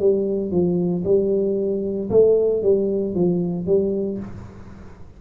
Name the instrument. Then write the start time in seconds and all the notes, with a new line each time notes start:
tuba
0.00 G3
0.51 F3
1.04 G3
2.10 A3
2.63 G3
3.15 F3
3.67 G3